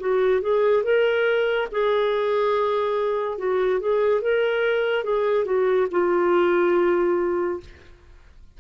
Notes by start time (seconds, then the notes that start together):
0.00 F#4
0.41 G#4
0.84 A#4
1.71 G#4
3.38 F#4
3.81 G#4
4.22 A#4
5.04 G#4
5.45 F#4
5.91 F4